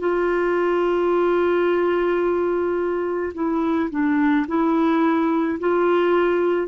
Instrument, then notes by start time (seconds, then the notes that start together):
clarinet
0.00 F4
3.34 E4
3.91 D4
4.48 E4
5.60 F4